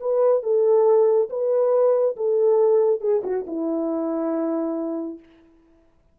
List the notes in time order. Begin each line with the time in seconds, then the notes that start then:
0.00 B4
0.43 A4
1.29 B4
2.16 A4
3.01 G#4
3.24 F#4
3.47 E4